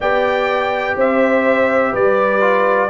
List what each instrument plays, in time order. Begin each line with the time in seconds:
0.00 tuba B3, trombone G4, horn D5, trumpet G5
0.96 tuba C4, horn C5, trumpet E5
1.92 tuba G3, horn B4, trumpet D5
2.40 trombone F4